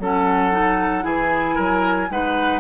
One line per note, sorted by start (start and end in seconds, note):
0.00 1.05 F#3
0.00 0.52 C#4
0.00 1.05 A4
0.00 1.07 F#5
0.52 1.02 D#4
1.02 1.57 E3
1.02 2.08 E4
1.02 1.55 G#4
1.02 2.12 G#5
1.55 2.10 F#3
1.55 2.08 A#4
2.10 2.61 G#3
2.10 2.61 D#4
2.10 2.61 B4
2.10 2.61 F#5